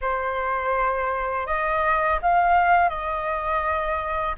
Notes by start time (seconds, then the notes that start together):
0.01 C5
1.46 D#5
2.22 F5
2.89 D#5